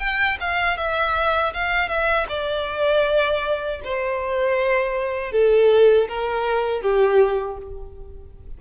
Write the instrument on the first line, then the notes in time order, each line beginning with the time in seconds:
violin
0.00 G5
0.41 F5
0.78 E5
1.54 F5
1.89 E5
2.30 D5
3.85 C5
5.32 A4
6.09 A#4
6.82 G4